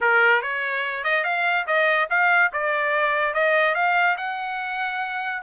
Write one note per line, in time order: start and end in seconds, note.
0.00 0.41 A#4
0.41 1.04 C#5
1.04 1.24 D#5
1.24 1.65 F5
1.66 2.08 D#5
2.10 2.51 F5
2.52 3.33 D5
3.33 3.74 D#5
3.74 4.16 F5
4.17 5.42 F#5